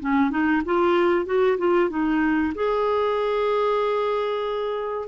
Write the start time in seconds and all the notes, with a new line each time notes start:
0.00 C#4
0.30 D#4
0.65 F4
1.26 F#4
1.58 F4
1.90 D#4
2.55 G#4